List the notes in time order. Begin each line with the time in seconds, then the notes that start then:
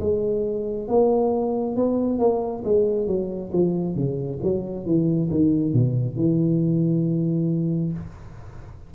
0.00 G#3
0.88 A#3
1.76 B3
2.19 A#3
2.64 G#3
3.07 F#3
3.53 F3
3.95 C#3
4.42 F#3
4.85 E3
5.30 D#3
5.73 B2
6.16 E3